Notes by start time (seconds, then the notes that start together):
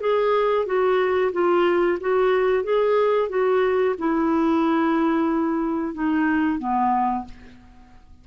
0.00 G#4
0.65 F#4
1.32 F4
2.00 F#4
2.63 G#4
3.29 F#4
3.98 E4
5.93 D#4
6.58 B3